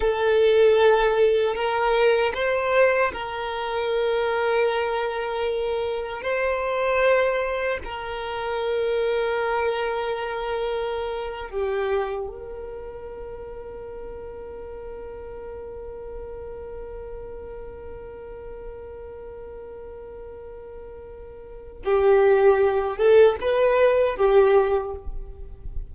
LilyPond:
\new Staff \with { instrumentName = "violin" } { \time 4/4 \tempo 4 = 77 a'2 ais'4 c''4 | ais'1 | c''2 ais'2~ | ais'2~ ais'8. g'4 ais'16~ |
ais'1~ | ais'1~ | ais'1 | g'4. a'8 b'4 g'4 | }